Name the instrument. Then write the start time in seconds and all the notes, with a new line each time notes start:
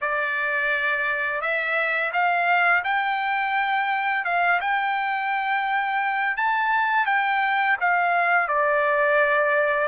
trumpet
0.01 D5
1.41 E5
2.12 F5
2.84 G5
4.24 F5
4.60 G5
6.36 A5
7.06 G5
7.80 F5
8.48 D5